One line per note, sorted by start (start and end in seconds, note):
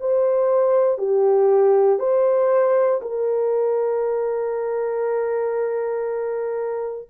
0.00 0.98 C5
0.98 1.99 G4
1.99 3.00 C5
3.02 7.09 A#4